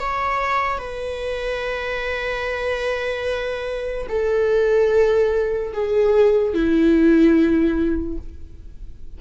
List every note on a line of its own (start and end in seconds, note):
0.00 0.78 C#5
0.78 4.07 B4
4.09 5.73 A4
5.73 6.55 G#4
6.55 8.19 E4